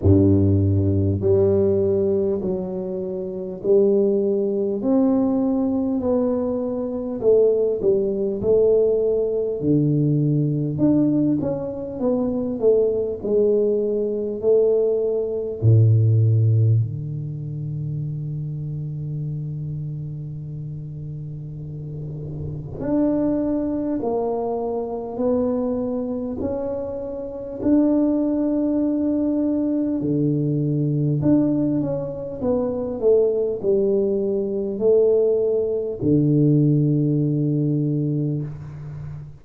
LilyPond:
\new Staff \with { instrumentName = "tuba" } { \time 4/4 \tempo 4 = 50 g,4 g4 fis4 g4 | c'4 b4 a8 g8 a4 | d4 d'8 cis'8 b8 a8 gis4 | a4 a,4 d2~ |
d2. d'4 | ais4 b4 cis'4 d'4~ | d'4 d4 d'8 cis'8 b8 a8 | g4 a4 d2 | }